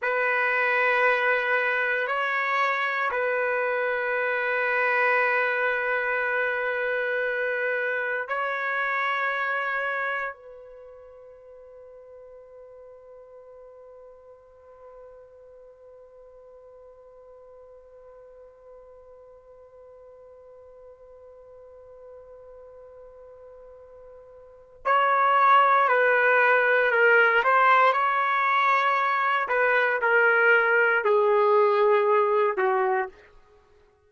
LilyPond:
\new Staff \with { instrumentName = "trumpet" } { \time 4/4 \tempo 4 = 58 b'2 cis''4 b'4~ | b'1 | cis''2 b'2~ | b'1~ |
b'1~ | b'1 | cis''4 b'4 ais'8 c''8 cis''4~ | cis''8 b'8 ais'4 gis'4. fis'8 | }